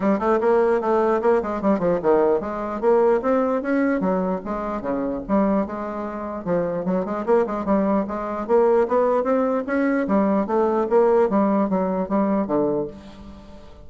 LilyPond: \new Staff \with { instrumentName = "bassoon" } { \time 4/4 \tempo 4 = 149 g8 a8 ais4 a4 ais8 gis8 | g8 f8 dis4 gis4 ais4 | c'4 cis'4 fis4 gis4 | cis4 g4 gis2 |
f4 fis8 gis8 ais8 gis8 g4 | gis4 ais4 b4 c'4 | cis'4 g4 a4 ais4 | g4 fis4 g4 d4 | }